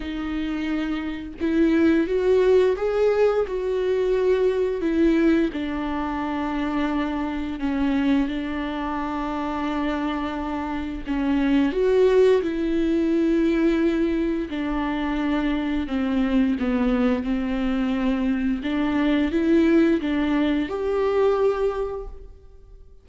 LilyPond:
\new Staff \with { instrumentName = "viola" } { \time 4/4 \tempo 4 = 87 dis'2 e'4 fis'4 | gis'4 fis'2 e'4 | d'2. cis'4 | d'1 |
cis'4 fis'4 e'2~ | e'4 d'2 c'4 | b4 c'2 d'4 | e'4 d'4 g'2 | }